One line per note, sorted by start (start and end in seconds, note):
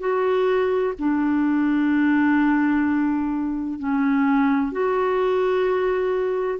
0.00 0.94 F#4
0.98 3.79 D4
3.79 4.72 C#4
4.72 6.59 F#4